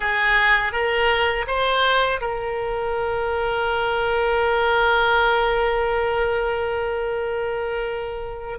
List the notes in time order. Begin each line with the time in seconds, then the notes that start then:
0.00 G#4
0.72 A#4
1.47 C5
2.21 A#4